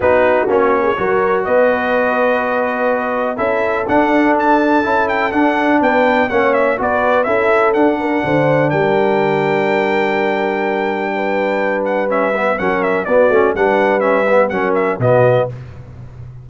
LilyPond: <<
  \new Staff \with { instrumentName = "trumpet" } { \time 4/4 \tempo 4 = 124 b'4 cis''2 dis''4~ | dis''2. e''4 | fis''4 a''4. g''8 fis''4 | g''4 fis''8 e''8 d''4 e''4 |
fis''2 g''2~ | g''1~ | g''8 fis''8 e''4 fis''8 e''8 d''4 | fis''4 e''4 fis''8 e''8 dis''4 | }
  \new Staff \with { instrumentName = "horn" } { \time 4/4 fis'4.~ fis'16 gis'16 ais'4 b'4~ | b'2. a'4~ | a'1 | b'4 cis''4 b'4 a'4~ |
a'8 ais'8 c''4 ais'2~ | ais'2. b'4~ | b'2 ais'4 fis'4 | b'2 ais'4 fis'4 | }
  \new Staff \with { instrumentName = "trombone" } { \time 4/4 dis'4 cis'4 fis'2~ | fis'2. e'4 | d'2 e'4 d'4~ | d'4 cis'4 fis'4 e'4 |
d'1~ | d'1~ | d'4 cis'8 b8 cis'4 b8 cis'8 | d'4 cis'8 b8 cis'4 b4 | }
  \new Staff \with { instrumentName = "tuba" } { \time 4/4 b4 ais4 fis4 b4~ | b2. cis'4 | d'2 cis'4 d'4 | b4 ais4 b4 cis'4 |
d'4 d4 g2~ | g1~ | g2 fis4 b8 a8 | g2 fis4 b,4 | }
>>